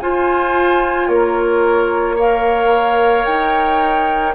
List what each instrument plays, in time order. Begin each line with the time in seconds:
0.00 bassoon F4, clarinet F4, oboe C5, flute G#5
1.08 bassoon A#3, oboe A#4, flute C#5
2.16 clarinet A#4, oboe C#5, flute F5
3.26 bassoon D#4, flute G5